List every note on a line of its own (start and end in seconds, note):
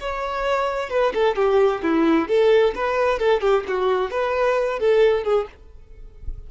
0.00 0.90 C#5
0.90 1.13 B4
1.14 1.36 A4
1.36 1.82 G4
1.83 2.28 E4
2.28 2.74 A4
2.75 3.19 B4
3.19 3.41 A4
3.41 3.64 G4
3.68 4.11 F#4
4.11 4.79 B4
4.79 5.24 A4
5.24 5.46 G#4